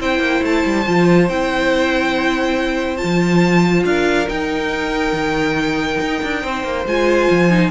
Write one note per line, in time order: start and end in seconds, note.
0.00 0.19 C4
0.00 0.86 E4
0.00 3.87 C5
0.00 0.45 G5
0.19 0.41 A#3
0.42 0.64 A3
0.42 1.29 A5
0.66 0.87 G3
0.86 1.29 F3
0.86 1.29 F4
1.29 3.01 C4
1.29 2.98 E4
1.29 2.97 G5
2.97 4.26 F4
2.97 3.83 A5
3.04 3.85 F3
3.85 4.28 D4
3.85 6.42 A#4
3.85 4.28 F5
4.28 6.85 D#4
4.28 5.13 D#4
4.28 6.86 G5
5.13 5.99 D#3
6.00 6.22 D#4
6.23 6.44 D4
6.42 6.64 C4
6.42 7.71 C5
6.64 6.85 A#3
6.86 7.29 G#3
6.86 7.50 F4
6.86 7.71 G#5
7.30 7.71 F3
7.50 7.71 D#4